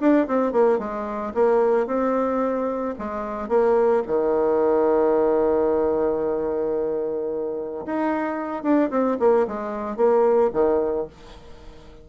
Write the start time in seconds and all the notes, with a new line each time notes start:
0.00 D4
0.27 C4
0.52 A#3
0.79 G#3
1.34 A#3
1.86 C4
2.99 G#3
3.49 A#3
4.07 D#3
7.86 D#4
8.63 D4
8.90 C4
9.19 A#3
9.47 G#3
9.96 A#3
10.53 D#3